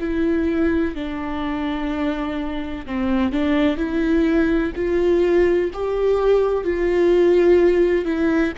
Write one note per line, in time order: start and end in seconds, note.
0.00 0.95 E4
0.95 2.86 D4
2.86 3.32 C4
3.32 3.77 D4
3.77 4.72 E4
4.75 5.71 F4
5.73 6.64 G4
6.64 8.05 F4
8.05 8.53 E4